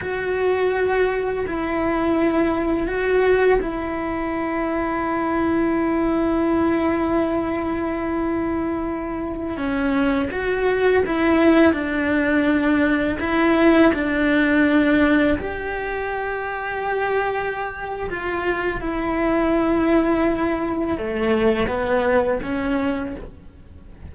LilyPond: \new Staff \with { instrumentName = "cello" } { \time 4/4 \tempo 4 = 83 fis'2 e'2 | fis'4 e'2.~ | e'1~ | e'4~ e'16 cis'4 fis'4 e'8.~ |
e'16 d'2 e'4 d'8.~ | d'4~ d'16 g'2~ g'8.~ | g'4 f'4 e'2~ | e'4 a4 b4 cis'4 | }